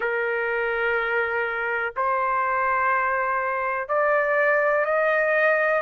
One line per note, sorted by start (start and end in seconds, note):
0.00 1.94 A#4
1.96 3.88 C5
3.88 4.85 D5
4.85 5.82 D#5